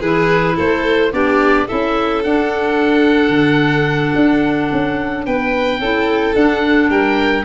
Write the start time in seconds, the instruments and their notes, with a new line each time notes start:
0.00 tuba E3, clarinet E4, violin G#4, oboe B4
0.55 tuba A3, violin A4, oboe C5
1.12 tuba B3, clarinet D4, violin G4, oboe D5
1.67 tuba C#4, clarinet E4, violin A4, oboe E5
2.23 clarinet D4, tuba D4, oboe F#5
3.29 tuba D3
4.15 tuba D4
4.72 tuba C#4
5.26 tuba B3, violin B4, oboe G5
5.79 tuba C#4, clarinet E4, violin A4
6.35 clarinet D4, tuba D4, oboe F#5
6.89 tuba G3, violin A#4, oboe G5